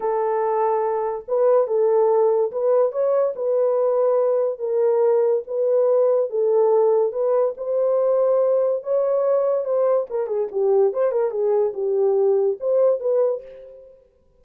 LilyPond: \new Staff \with { instrumentName = "horn" } { \time 4/4 \tempo 4 = 143 a'2. b'4 | a'2 b'4 cis''4 | b'2. ais'4~ | ais'4 b'2 a'4~ |
a'4 b'4 c''2~ | c''4 cis''2 c''4 | ais'8 gis'8 g'4 c''8 ais'8 gis'4 | g'2 c''4 b'4 | }